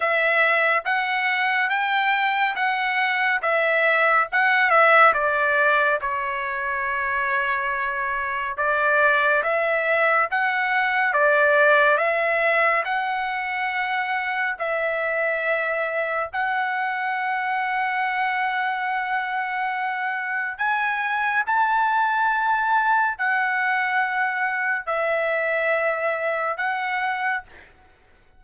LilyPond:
\new Staff \with { instrumentName = "trumpet" } { \time 4/4 \tempo 4 = 70 e''4 fis''4 g''4 fis''4 | e''4 fis''8 e''8 d''4 cis''4~ | cis''2 d''4 e''4 | fis''4 d''4 e''4 fis''4~ |
fis''4 e''2 fis''4~ | fis''1 | gis''4 a''2 fis''4~ | fis''4 e''2 fis''4 | }